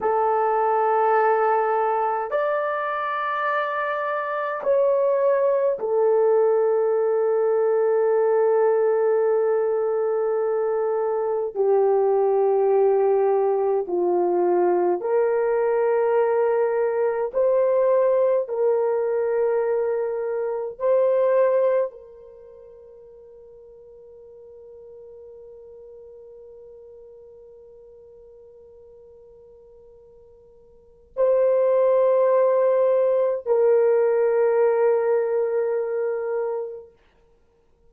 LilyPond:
\new Staff \with { instrumentName = "horn" } { \time 4/4 \tempo 4 = 52 a'2 d''2 | cis''4 a'2.~ | a'2 g'2 | f'4 ais'2 c''4 |
ais'2 c''4 ais'4~ | ais'1~ | ais'2. c''4~ | c''4 ais'2. | }